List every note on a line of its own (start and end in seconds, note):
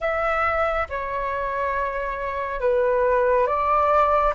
0.00 0.87 E5
0.89 2.60 C#5
2.60 3.46 B4
3.46 4.33 D5